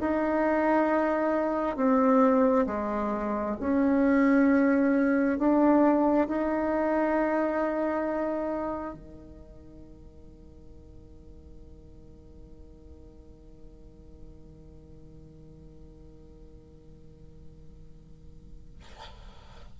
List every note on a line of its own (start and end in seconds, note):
0.00 1.76 D#4
1.76 2.65 C4
2.66 3.55 G#3
3.60 5.38 C#4
5.38 6.27 D4
6.27 8.94 D#4
8.94 18.79 D#3